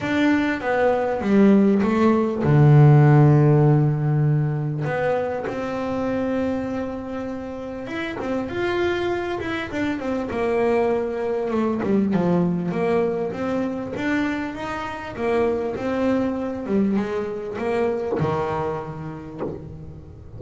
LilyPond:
\new Staff \with { instrumentName = "double bass" } { \time 4/4 \tempo 4 = 99 d'4 b4 g4 a4 | d1 | b4 c'2.~ | c'4 e'8 c'8 f'4. e'8 |
d'8 c'8 ais2 a8 g8 | f4 ais4 c'4 d'4 | dis'4 ais4 c'4. g8 | gis4 ais4 dis2 | }